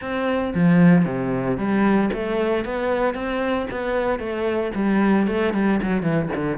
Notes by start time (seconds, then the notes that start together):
0.01 C4
0.54 F3
1.05 C3
1.57 G3
2.13 A3
2.65 B3
3.14 C4
3.71 B3
4.19 A3
4.75 G3
5.27 A3
5.53 G3
5.82 F#3
6.02 E3
6.35 D3